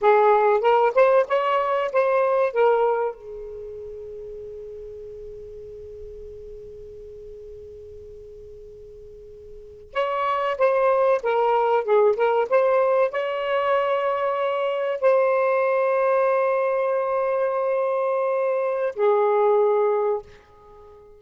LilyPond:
\new Staff \with { instrumentName = "saxophone" } { \time 4/4 \tempo 4 = 95 gis'4 ais'8 c''8 cis''4 c''4 | ais'4 gis'2.~ | gis'1~ | gis'2.~ gis'8. cis''16~ |
cis''8. c''4 ais'4 gis'8 ais'8 c''16~ | c''8. cis''2. c''16~ | c''1~ | c''2 gis'2 | }